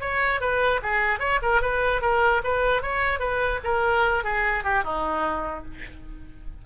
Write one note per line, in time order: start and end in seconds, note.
0.00 0.40 C#5
0.40 0.81 B4
0.82 1.19 G#4
1.19 1.39 C#5
1.42 1.61 A#4
1.61 2.01 B4
2.01 2.42 A#4
2.44 2.82 B4
2.82 3.19 C#5
3.19 3.59 B4
3.64 4.24 A#4
4.24 4.63 G#4
4.63 4.83 G4
4.83 5.64 D#4